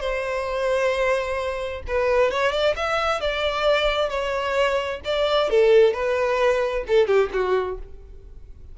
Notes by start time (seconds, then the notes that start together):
0.00 C5
1.87 B4
2.31 C#5
2.52 D5
2.76 E5
3.20 D5
4.09 C#5
5.04 D5
5.50 A4
5.93 B4
6.87 A4
7.07 G4
7.33 F#4